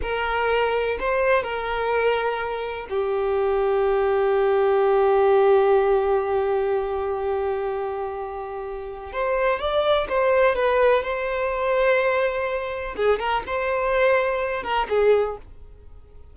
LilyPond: \new Staff \with { instrumentName = "violin" } { \time 4/4 \tempo 4 = 125 ais'2 c''4 ais'4~ | ais'2 g'2~ | g'1~ | g'1~ |
g'2. c''4 | d''4 c''4 b'4 c''4~ | c''2. gis'8 ais'8 | c''2~ c''8 ais'8 gis'4 | }